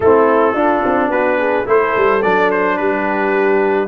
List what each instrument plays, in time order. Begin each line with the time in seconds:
0.00 tuba A3, trombone C4, horn E4, trumpet A4
0.53 tuba D4, trombone D4, horn F4
0.85 tuba C4
1.09 tuba B3, horn F#4, trumpet B4
1.38 horn G#4
1.66 tuba A3, trombone E4, horn A4, trumpet C5
1.96 tuba G3
2.22 tuba F#3, trombone D4, trumpet D5
2.51 trumpet C5
2.77 tuba G3, horn G4, trumpet B4